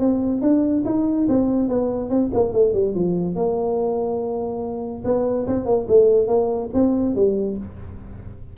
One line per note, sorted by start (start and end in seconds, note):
0.00 0.42 C4
0.42 0.84 D4
0.86 1.28 D#4
1.29 1.69 C4
1.69 2.10 B3
2.10 2.31 C4
2.34 2.53 A#3
2.53 2.74 A3
2.74 2.95 G3
2.95 3.36 F3
3.36 5.04 A#3
5.05 5.47 B3
5.47 5.66 C4
5.66 5.87 A#3
5.89 6.28 A3
6.28 6.70 A#3
6.74 7.16 C4
7.16 7.58 G3